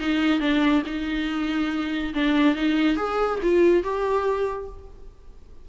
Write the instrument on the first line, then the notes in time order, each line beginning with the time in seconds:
viola
0.00 D#4
0.40 D4
0.86 D#4
2.15 D4
2.56 D#4
2.97 G#4
3.43 F4
3.84 G4